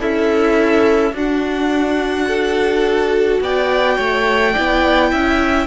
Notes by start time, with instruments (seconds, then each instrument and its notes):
0.00 cello C#4, violin E4 E5, viola A4
1.13 cello D4, violin D4 F#5, viola F#4
2.28 violin A4
3.41 cello B3, violin D5 G5
3.96 cello A3, violin C#5
4.53 cello B3, viola E4, violin D5
5.12 cello C#4, violin E5